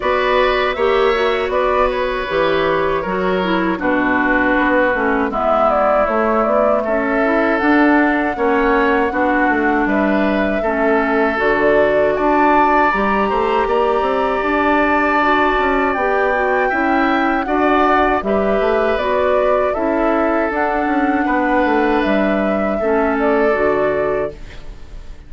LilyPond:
<<
  \new Staff \with { instrumentName = "flute" } { \time 4/4 \tempo 4 = 79 d''4 e''4 d''8 cis''4.~ | cis''4 b'2 e''8 d''8 | cis''8 d''8 e''4 fis''2~ | fis''4 e''2 d''4 |
a''4 ais''2 a''4~ | a''4 g''2 fis''4 | e''4 d''4 e''4 fis''4~ | fis''4 e''4. d''4. | }
  \new Staff \with { instrumentName = "oboe" } { \time 4/4 b'4 cis''4 b'2 | ais'4 fis'2 e'4~ | e'4 a'2 cis''4 | fis'4 b'4 a'2 |
d''4. c''8 d''2~ | d''2 e''4 d''4 | b'2 a'2 | b'2 a'2 | }
  \new Staff \with { instrumentName = "clarinet" } { \time 4/4 fis'4 g'8 fis'4. g'4 | fis'8 e'8 d'4. cis'8 b4 | a4. e'8 d'4 cis'4 | d'2 cis'4 fis'4~ |
fis'4 g'2. | fis'4 g'8 fis'8 e'4 fis'4 | g'4 fis'4 e'4 d'4~ | d'2 cis'4 fis'4 | }
  \new Staff \with { instrumentName = "bassoon" } { \time 4/4 b4 ais4 b4 e4 | fis4 b,4 b8 a8 gis4 | a8 b8 cis'4 d'4 ais4 | b8 a8 g4 a4 d4 |
d'4 g8 a8 ais8 c'8 d'4~ | d'8 cis'8 b4 cis'4 d'4 | g8 a8 b4 cis'4 d'8 cis'8 | b8 a8 g4 a4 d4 | }
>>